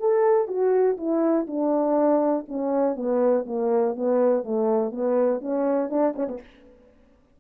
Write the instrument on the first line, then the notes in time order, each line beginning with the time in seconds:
horn
0.00 A4
0.48 F#4
0.98 E4
1.47 D4
2.48 C#4
2.96 B3
3.46 A#3
3.96 B3
4.44 A3
4.92 B3
5.41 C#4
5.90 D4
6.16 C#4
6.28 B3